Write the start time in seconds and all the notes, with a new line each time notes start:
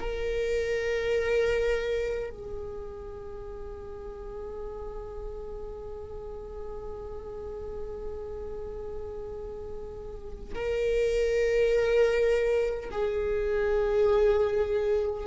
0.00 A#4
2.30 G#4
10.55 A#4
12.91 G#4